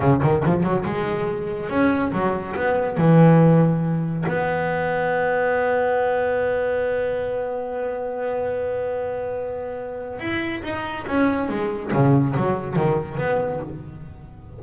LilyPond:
\new Staff \with { instrumentName = "double bass" } { \time 4/4 \tempo 4 = 141 cis8 dis8 f8 fis8 gis2 | cis'4 fis4 b4 e4~ | e2 b2~ | b1~ |
b1~ | b1 | e'4 dis'4 cis'4 gis4 | cis4 fis4 dis4 b4 | }